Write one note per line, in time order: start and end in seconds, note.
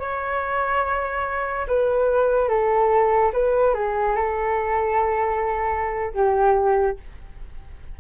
0.00 1.67 C#5
1.68 2.49 B4
2.49 3.32 A4
3.33 3.74 B4
3.74 4.16 G#4
4.16 6.14 A4
6.14 6.97 G4